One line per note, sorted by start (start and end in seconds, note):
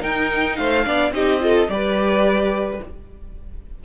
0.00 0.83 D#4
0.00 0.58 D#4
0.00 0.56 A#4
0.00 0.56 G5
0.56 0.86 A3
0.56 0.86 C5
0.56 1.11 F5
0.84 1.11 B3
0.84 1.12 D4
0.84 1.13 D5
1.11 1.66 C4
1.11 1.40 D#4
1.11 1.42 G4
1.11 1.69 D#5
1.40 1.68 F4
1.40 1.71 A4
1.68 2.79 G3
1.68 2.80 G4
1.68 2.84 B4
1.68 2.80 D5